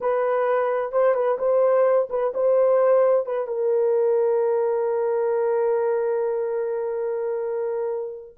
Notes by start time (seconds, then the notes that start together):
0.00 B4
0.92 C5
1.14 B4
1.38 C5
2.09 B4
2.34 C5
3.26 B4
3.47 A#4